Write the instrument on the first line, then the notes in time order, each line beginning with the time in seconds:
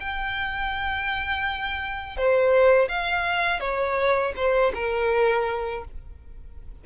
violin
0.00 G5
2.17 C5
2.89 F5
3.60 C#5
4.36 C5
4.75 A#4